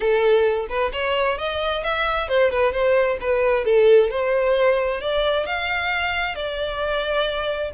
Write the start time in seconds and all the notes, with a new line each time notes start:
0.00 A4
0.69 B4
0.92 C#5
1.38 D#5
1.83 E5
2.28 C5
2.50 B4
2.72 C5
3.20 B4
3.64 A4
4.10 C5
5.00 D5
5.45 F5
6.35 D5